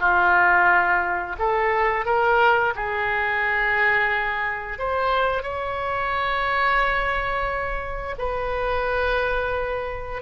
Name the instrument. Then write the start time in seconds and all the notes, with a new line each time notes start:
oboe
0.00 F4
1.39 A4
2.05 A#4
2.75 G#4
4.79 C5
5.43 C#5
8.18 B4